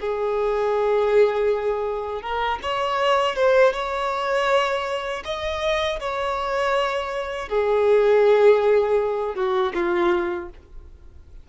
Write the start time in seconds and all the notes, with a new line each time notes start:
0.00 G#4
2.22 A#4
2.62 C#5
3.35 C5
3.73 C#5
5.25 D#5
6.00 C#5
7.49 G#4
9.35 F#4
9.74 F4